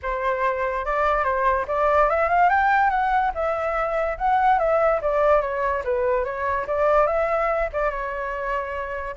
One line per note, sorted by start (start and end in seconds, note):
0.02 0.85 C5
0.85 1.24 D5
1.24 1.65 C5
1.67 2.09 D5
2.09 2.29 E5
2.29 2.49 F5
2.49 2.89 G5
2.89 3.31 F#5
3.34 4.17 E5
4.17 4.58 F#5
4.58 5.00 E5
5.01 5.41 D5
5.41 5.82 C#5
5.84 6.24 B4
6.24 6.66 C#5
6.67 7.06 D5
7.06 7.69 E5
7.72 7.90 D5
7.90 9.15 C#5